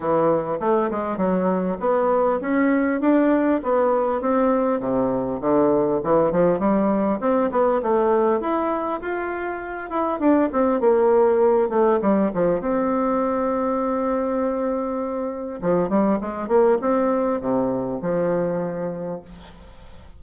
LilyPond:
\new Staff \with { instrumentName = "bassoon" } { \time 4/4 \tempo 4 = 100 e4 a8 gis8 fis4 b4 | cis'4 d'4 b4 c'4 | c4 d4 e8 f8 g4 | c'8 b8 a4 e'4 f'4~ |
f'8 e'8 d'8 c'8 ais4. a8 | g8 f8 c'2.~ | c'2 f8 g8 gis8 ais8 | c'4 c4 f2 | }